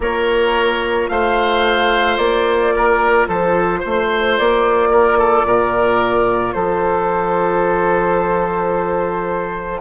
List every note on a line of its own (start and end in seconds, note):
0.00 1.08 A#3
0.00 9.81 F4
0.00 1.10 A#4
0.00 1.08 C#5
1.08 2.17 A3
1.08 2.75 C5
1.08 2.17 F5
2.17 3.26 A#3
2.17 3.26 D5
2.75 3.27 A#4
3.27 3.82 F3
3.27 3.79 A4
3.27 4.38 C5
3.79 4.39 A3
3.79 4.88 C5
4.38 5.45 A#3
4.38 6.52 D5
4.91 5.18 A#4
5.18 5.45 A4
5.45 6.54 A#2
5.45 6.54 A#4
6.52 9.81 F3
6.52 9.81 A4
6.52 9.80 C5